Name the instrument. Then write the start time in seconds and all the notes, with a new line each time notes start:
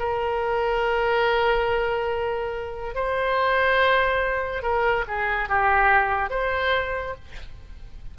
oboe
0.00 A#4
2.95 C5
4.63 A#4
5.08 G#4
5.49 G4
6.31 C5